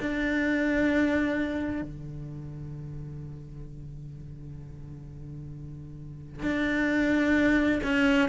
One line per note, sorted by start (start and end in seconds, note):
0.00 1.82 D4
1.82 6.42 D3
6.42 7.81 D4
7.83 8.29 C#4